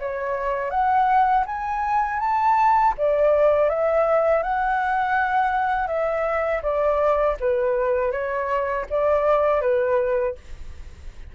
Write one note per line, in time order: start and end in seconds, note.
0.00 0.70 C#5
0.70 1.44 F#5
1.46 2.20 G#5
2.20 2.94 A5
2.98 3.70 D5
3.70 4.43 E5
4.43 5.88 F#5
5.88 6.62 E5
6.63 7.37 D5
7.40 8.12 B4
8.12 8.86 C#5
8.91 9.61 D5
9.61 10.35 B4